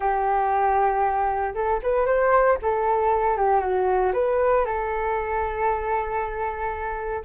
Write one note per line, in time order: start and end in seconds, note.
0.00 1.54 G4
1.54 1.80 A4
1.82 2.06 B4
2.06 2.57 C5
2.62 3.37 A4
3.37 3.60 G4
3.60 4.12 F#4
4.13 4.65 B4
4.65 7.23 A4